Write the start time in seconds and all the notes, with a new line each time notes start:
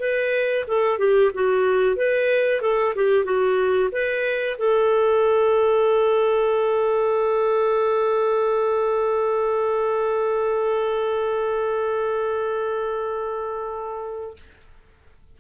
0.00 B4
0.68 A4
0.99 G4
1.35 F#4
1.97 B4
2.62 A4
2.96 G4
3.25 F#4
3.92 B4
4.59 A4